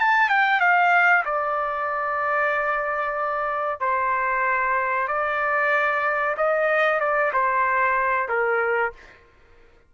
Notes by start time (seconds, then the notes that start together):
0.00 A5
0.30 G5
0.61 F5
1.25 D5
3.81 C5
5.08 D5
6.38 D#5
7.01 D5
7.33 C5
8.29 A#4